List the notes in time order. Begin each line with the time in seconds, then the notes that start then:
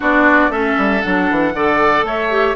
0.00 B3 D4 F#4 D5
0.49 A3 C#4 A4 E5
0.77 G3
1.01 F#3 D4 F#5
1.30 E3
1.53 D3 A4 D5
2.02 A3 C#5 E5
2.30 G4